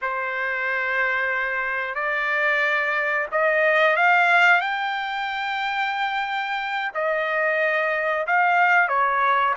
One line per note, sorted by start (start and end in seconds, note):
0.01 1.95 C5
1.95 3.26 D5
3.31 3.96 D#5
3.96 4.61 F5
4.61 6.91 G5
6.94 8.26 D#5
8.26 8.88 F5
8.88 9.54 C#5